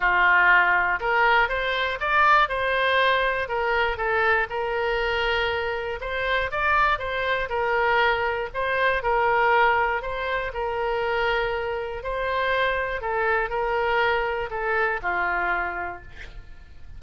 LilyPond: \new Staff \with { instrumentName = "oboe" } { \time 4/4 \tempo 4 = 120 f'2 ais'4 c''4 | d''4 c''2 ais'4 | a'4 ais'2. | c''4 d''4 c''4 ais'4~ |
ais'4 c''4 ais'2 | c''4 ais'2. | c''2 a'4 ais'4~ | ais'4 a'4 f'2 | }